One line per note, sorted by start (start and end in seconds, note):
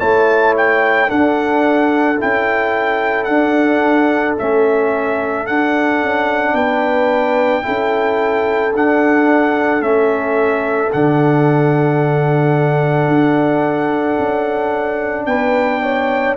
0.00 1.11 A3
0.00 1.08 E4
0.00 1.08 C#5
0.00 0.55 A5
0.57 1.10 G5
1.08 2.17 D4
1.08 2.20 D4
1.08 6.54 A4
1.08 2.19 F#5
2.20 3.28 C#4
2.20 3.29 E4
2.20 3.24 G5
3.24 4.37 D4
3.24 4.33 F#5
4.37 5.48 A3
4.37 5.47 C#4
4.37 5.47 E5
5.47 7.63 D4
5.47 6.02 D4
5.47 6.55 F#5
6.02 6.54 C#4
6.54 7.63 B3
6.54 7.64 B4
6.54 8.74 G5
7.63 8.75 C#4
7.63 8.72 E4
7.63 15.27 A4
8.75 9.81 D4
8.75 9.82 F#5
9.81 10.90 A3
9.81 10.90 C#4
9.81 10.91 E5
10.93 13.08 D3
10.93 16.37 D4
10.93 15.26 F#5
13.08 14.17 D4
14.19 15.26 C#4
15.26 16.35 B3
15.26 15.82 B4
15.26 16.35 G5
15.83 16.37 C#5